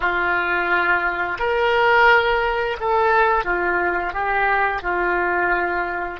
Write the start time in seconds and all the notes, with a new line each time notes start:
0.00 F4
1.39 A#4
2.79 A4
3.44 F4
4.13 G4
4.82 F4